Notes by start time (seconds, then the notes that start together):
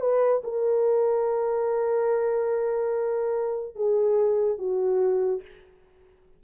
0.00 B4
0.44 A#4
3.75 G#4
4.58 F#4